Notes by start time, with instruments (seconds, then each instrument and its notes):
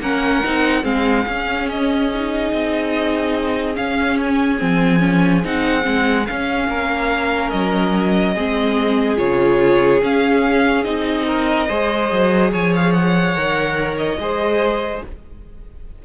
0.00 cello A#3, viola C#4, violin A#4 F#5
0.44 cello C4, viola D#4
0.83 cello G#3, viola C4, violin G#4 F5
1.28 cello C#4, viola C#4
1.70 violin D#5
2.15 viola D#4
2.53 cello C4
3.75 viola C#4, cello C#4, violin F5
4.22 violin G#5
4.59 cello F3, viola C4
5.00 viola C#4
5.45 cello C4, viola D#4, violin F#5
5.82 cello G#3, viola C4
6.27 viola C#4, cello C#4, violin F5
6.69 cello A#3, violin A#4
7.50 cello F#3, violin D#5
8.34 cello G#3, viola C4, violin G#4
9.17 cello C#3, viola F4, violin C#5
10.02 cello C#4, viola C#4, violin F5
10.85 cello C4, viola D#4, violin D#5
11.27 violin A#4
11.68 cello G#3, viola G#4, violin C5
12.12 cello F#3
12.52 cello F3, violin C#5 G#5
12.76 violin F5
12.93 violin F#5
13.36 cello D#3, viola A#4
13.98 violin D#5
14.19 cello G#3, viola G#4, violin C5